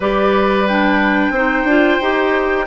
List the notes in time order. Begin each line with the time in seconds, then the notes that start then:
0.00 G3 G4 B4 D5
0.67 D4 G5
1.30 C4 D#4 C5
1.64 D4 F4
2.01 D#4 G4